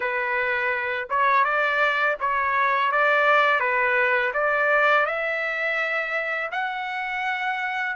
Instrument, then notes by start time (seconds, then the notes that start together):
trumpet
0.00 B4
1.09 C#5
1.44 D5
2.19 C#5
2.91 D5
3.59 B4
4.33 D5
5.05 E5
6.51 F#5